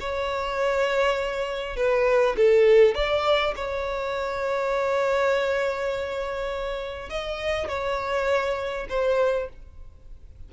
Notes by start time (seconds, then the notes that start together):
0.00 C#5
1.77 B4
2.37 A4
2.95 D5
3.56 C#5
7.10 D#5
7.68 C#5
8.89 C5